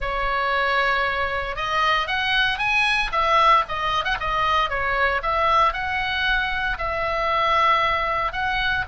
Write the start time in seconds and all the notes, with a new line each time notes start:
0.00 C#5
1.56 D#5
2.07 F#5
2.58 G#5
3.12 E5
3.68 D#5
4.04 F#5
4.20 D#5
4.69 C#5
5.22 E5
5.73 F#5
6.78 E5
8.32 F#5